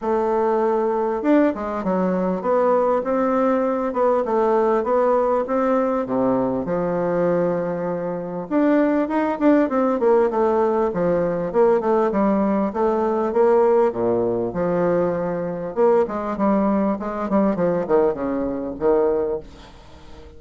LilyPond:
\new Staff \with { instrumentName = "bassoon" } { \time 4/4 \tempo 4 = 99 a2 d'8 gis8 fis4 | b4 c'4. b8 a4 | b4 c'4 c4 f4~ | f2 d'4 dis'8 d'8 |
c'8 ais8 a4 f4 ais8 a8 | g4 a4 ais4 ais,4 | f2 ais8 gis8 g4 | gis8 g8 f8 dis8 cis4 dis4 | }